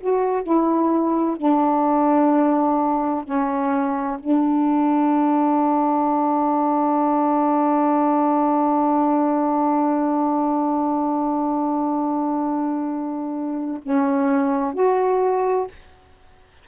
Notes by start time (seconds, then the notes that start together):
0.00 F#4
0.43 E4
1.37 D4
3.24 C#4
4.19 D4
13.82 C#4
14.74 F#4